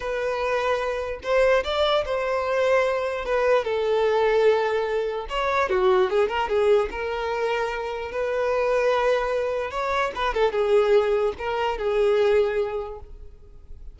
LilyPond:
\new Staff \with { instrumentName = "violin" } { \time 4/4 \tempo 4 = 148 b'2. c''4 | d''4 c''2. | b'4 a'2.~ | a'4 cis''4 fis'4 gis'8 ais'8 |
gis'4 ais'2. | b'1 | cis''4 b'8 a'8 gis'2 | ais'4 gis'2. | }